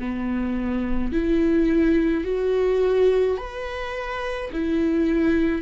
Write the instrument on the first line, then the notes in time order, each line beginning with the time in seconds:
viola
0.00 B3
1.13 E4
2.25 F#4
3.38 B4
4.53 E4